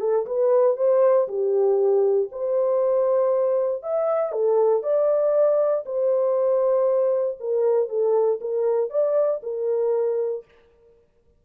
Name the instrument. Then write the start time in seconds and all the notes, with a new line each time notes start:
horn
0.00 A4
0.26 B4
0.77 C5
1.28 G4
2.32 C5
3.83 E5
4.32 A4
4.83 D5
5.85 C5
7.40 A#4
7.89 A4
8.41 A#4
8.90 D5
9.43 A#4